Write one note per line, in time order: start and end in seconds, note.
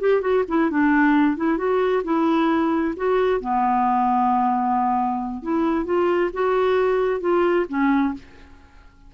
0.00 0.21 G4
0.21 0.44 F#4
0.48 0.70 E4
0.70 1.37 D4
1.37 1.58 E4
1.58 2.03 F#4
2.04 2.94 E4
2.97 3.40 F#4
3.40 5.43 B3
5.43 5.85 E4
5.85 6.30 F4
6.33 7.21 F#4
7.21 7.66 F4
7.69 8.14 C#4